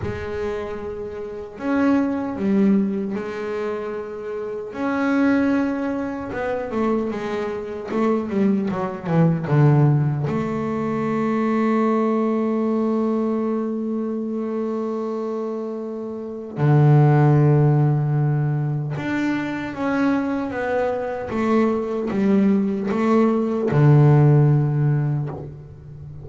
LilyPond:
\new Staff \with { instrumentName = "double bass" } { \time 4/4 \tempo 4 = 76 gis2 cis'4 g4 | gis2 cis'2 | b8 a8 gis4 a8 g8 fis8 e8 | d4 a2.~ |
a1~ | a4 d2. | d'4 cis'4 b4 a4 | g4 a4 d2 | }